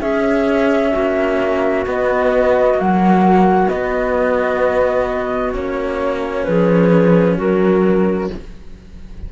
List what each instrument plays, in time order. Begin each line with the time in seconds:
0.00 cello C#4, clarinet G#4, flute E5
0.91 cello A#3, clarinet F#4
1.85 cello B3, flute D#5
2.74 cello A#3, flute F#5
2.80 cello F#3
3.68 cello B3, flute D#5
5.52 cello A#3 C#4, flute C#5
6.43 cello F3, clarinet G#4, flute B4
7.37 cello F#3, clarinet F#4, flute A#4